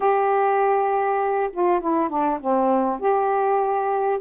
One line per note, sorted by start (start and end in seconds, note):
0.00 1.50 G4
1.52 1.80 F4
1.80 2.09 E4
2.09 2.39 D4
2.40 2.99 C4
2.99 4.19 G4